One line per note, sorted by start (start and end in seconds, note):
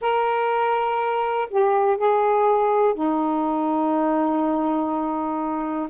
0.01 1.48 A#4
1.50 1.97 G4
1.97 2.94 G#4
2.94 5.89 D#4